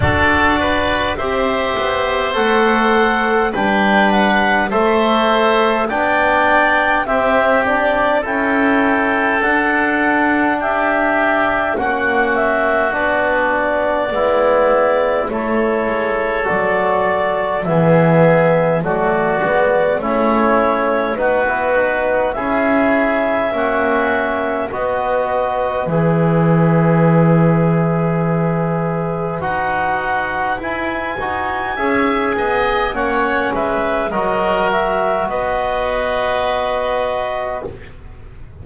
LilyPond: <<
  \new Staff \with { instrumentName = "clarinet" } { \time 4/4 \tempo 4 = 51 d''4 e''4 fis''4 g''8 fis''8 | e''4 g''4 e''8 d''8 g''4 | fis''4 e''4 fis''8 e''8 d''4~ | d''4 cis''4 d''4 e''4 |
d''4 cis''4 b'4 e''4~ | e''4 dis''4 e''2~ | e''4 fis''4 gis''2 | fis''8 e''8 dis''8 e''8 dis''2 | }
  \new Staff \with { instrumentName = "oboe" } { \time 4/4 a'8 b'8 c''2 b'4 | c''4 d''4 g'4 a'4~ | a'4 g'4 fis'2 | e'4 a'2 gis'4 |
fis'4 e'4 fis'4 gis'4 | fis'4 b'2.~ | b'2. e''8 dis''8 | cis''8 b'8 ais'4 b'2 | }
  \new Staff \with { instrumentName = "trombone" } { \time 4/4 fis'4 g'4 a'4 d'4 | a'4 d'4 c'8 d'8 e'4 | d'2 cis'4 d'4 | b4 e'4 fis'4 b4 |
a8 b8 cis'4 dis'16 e'16 dis'8 e'4 | cis'4 fis'4 gis'2~ | gis'4 fis'4 e'8 fis'8 gis'4 | cis'4 fis'2. | }
  \new Staff \with { instrumentName = "double bass" } { \time 4/4 d'4 c'8 b8 a4 g4 | a4 b4 c'4 cis'4 | d'2 ais4 b4 | gis4 a8 gis8 fis4 e4 |
fis8 gis8 a4 b4 cis'4 | ais4 b4 e2~ | e4 dis'4 e'8 dis'8 cis'8 b8 | ais8 gis8 fis4 b2 | }
>>